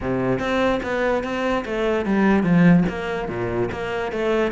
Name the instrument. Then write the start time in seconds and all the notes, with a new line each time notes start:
cello
0.00 C3
0.39 C4
0.82 B3
1.23 C4
1.65 A3
2.05 G3
2.43 F3
2.88 A#3
3.28 A#2
3.71 A#3
4.12 A3